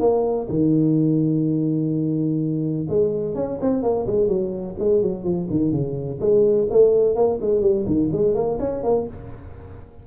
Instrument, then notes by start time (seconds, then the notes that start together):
tuba
0.00 A#3
0.49 D#3
2.89 G#3
3.35 C#4
3.61 C4
3.82 A#3
4.06 G#3
4.28 F#3
4.79 G#3
5.02 F#3
5.24 F3
5.50 D#3
5.71 C#3
6.20 G#3
6.70 A3
7.15 A#3
7.41 G#3
7.61 G3
7.86 D#3
8.12 G#3
8.34 A#3
8.59 C#4
8.83 A#3